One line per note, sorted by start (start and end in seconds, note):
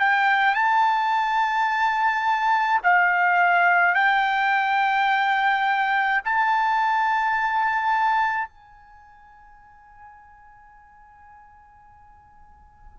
0.00 0.55 G5
0.55 2.81 A5
2.84 3.95 F5
3.95 6.22 G5
6.25 8.49 A5
8.49 13.00 G#5